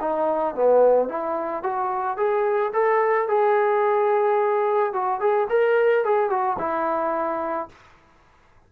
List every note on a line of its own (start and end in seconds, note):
0.00 0.55 D#4
0.55 1.09 B3
1.09 1.63 E4
1.63 2.17 F#4
2.17 2.72 G#4
2.73 3.28 A4
3.28 4.93 G#4
4.93 5.20 F#4
5.20 5.48 G#4
5.50 6.05 A#4
6.05 6.30 G#4
6.30 6.57 F#4
6.59 7.69 E4